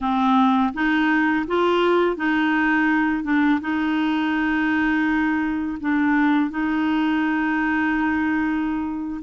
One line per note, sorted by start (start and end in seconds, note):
0.00 0.73 C4
0.73 1.45 D#4
1.47 2.16 F4
2.16 3.23 D#4
3.23 3.59 D4
3.60 5.77 D#4
5.80 6.50 D4
6.50 9.21 D#4